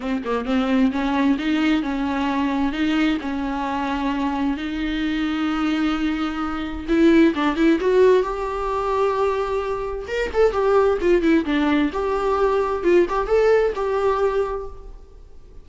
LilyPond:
\new Staff \with { instrumentName = "viola" } { \time 4/4 \tempo 4 = 131 c'8 ais8 c'4 cis'4 dis'4 | cis'2 dis'4 cis'4~ | cis'2 dis'2~ | dis'2. e'4 |
d'8 e'8 fis'4 g'2~ | g'2 ais'8 a'8 g'4 | f'8 e'8 d'4 g'2 | f'8 g'8 a'4 g'2 | }